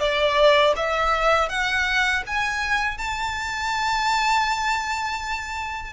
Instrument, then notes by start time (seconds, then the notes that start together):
violin
0.00 D5
0.76 E5
1.49 F#5
2.27 G#5
2.98 A5